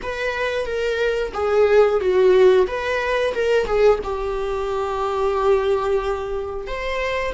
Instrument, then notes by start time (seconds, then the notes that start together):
viola
0.02 B4
0.65 A#4
1.33 G#4
2.00 F#4
2.67 B4
3.34 A#4
3.65 G#4
4.03 G4
6.67 C5